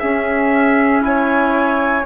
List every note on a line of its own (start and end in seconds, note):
0.00 1.01 C#4
0.00 2.06 C#4
0.00 1.02 G#4
0.00 1.02 E5
1.01 2.03 E4
1.01 2.06 C#5
1.01 2.06 G#5